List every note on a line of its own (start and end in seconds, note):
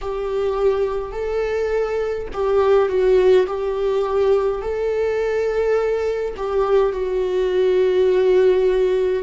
0.01 1.12 G4
1.12 2.27 A4
2.33 2.88 G4
2.88 3.46 F#4
3.46 4.61 G4
4.61 6.34 A4
6.36 6.92 G4
6.92 9.23 F#4